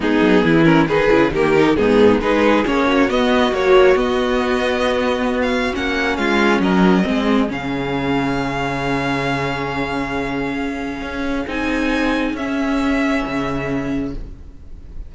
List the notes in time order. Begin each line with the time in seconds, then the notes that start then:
0.00 G#3 B3 D#4 G#4
0.20 F#3
0.44 E3 E4
0.64 C#4 A#4
0.87 D#3 D#4 G#4 B4
1.09 C#3 E4
1.31 D#3 A#3 G4 A#4
1.55 D#4
1.76 G#2 B3 D#4 G#4
2.20 G#3 D#4 G#4 B4
2.64 A#3 C#4 C#5
2.87 F#4
3.09 B3 D#5
3.51 F#3 A#3 C#5
3.95 B3 D#5
5.41 F5
5.73 A#3 C#4 F#5
6.16 G#3 F4 F5
6.60 F#3 A#4 D#5
7.03 G#3 C4 G#4
7.48 C#3 C#4 F5
11.01 C#4
11.47 C4 D#4 G#5
12.33 C#4 E5
13.26 C#3